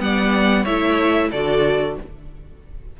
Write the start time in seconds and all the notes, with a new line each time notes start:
0.00 G3 B3 D5 F#5
0.63 A3 E4 C#5 E5
1.31 D3 F#4 A4 D5